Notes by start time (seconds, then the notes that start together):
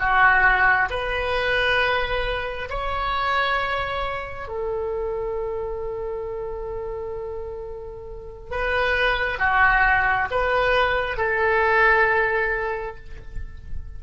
0.00 F#4
0.90 B4
2.70 C#5
4.49 A4
8.51 B4
9.39 F#4
10.31 B4
11.17 A4